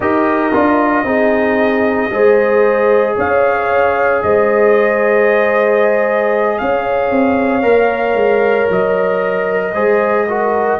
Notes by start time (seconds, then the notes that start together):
0.00 D#4 G4 A#4 D#5
0.52 D4 F4
1.03 C4 D#4 G#4
2.11 G#3 G#4 C5
3.16 C#4 C#5 F5
4.22 G#3 C5 D#5
6.58 C#4 C#5 F5
7.10 C4
7.62 A#3 A#4
8.14 G#3
8.70 F#3 D#5
9.73 G#3 G#4 C5
10.28 F#4 A#4